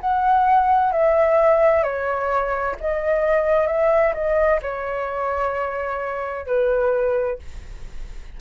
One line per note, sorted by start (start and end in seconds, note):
0.00 0.92 F#5
0.92 1.83 E5
1.83 2.75 C#5
2.80 3.67 D#5
3.67 4.13 E5
4.14 4.60 D#5
4.62 6.46 C#5
6.46 7.38 B4